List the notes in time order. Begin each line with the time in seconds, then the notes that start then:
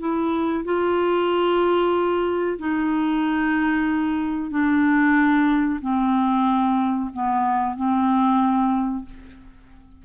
0.00 E4
0.65 F4
2.59 D#4
4.51 D4
5.81 C4
7.13 B3
7.76 C4